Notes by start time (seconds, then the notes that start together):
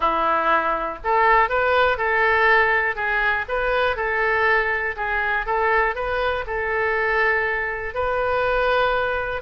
0.00 E4
1.04 A4
1.49 B4
1.97 A4
2.95 G#4
3.48 B4
3.96 A4
4.96 G#4
5.45 A4
5.95 B4
6.46 A4
7.94 B4